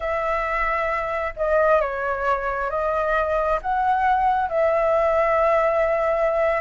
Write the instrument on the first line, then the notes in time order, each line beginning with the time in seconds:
flute
0.00 E5
1.36 D#5
1.81 C#5
2.70 D#5
3.61 F#5
4.49 E5